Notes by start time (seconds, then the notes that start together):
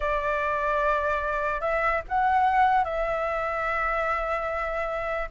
0.00 D5
1.60 E5
2.08 F#5
2.84 E5